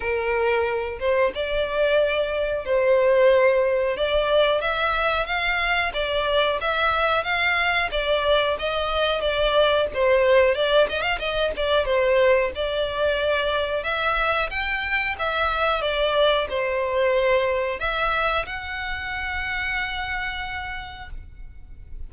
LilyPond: \new Staff \with { instrumentName = "violin" } { \time 4/4 \tempo 4 = 91 ais'4. c''8 d''2 | c''2 d''4 e''4 | f''4 d''4 e''4 f''4 | d''4 dis''4 d''4 c''4 |
d''8 dis''16 f''16 dis''8 d''8 c''4 d''4~ | d''4 e''4 g''4 e''4 | d''4 c''2 e''4 | fis''1 | }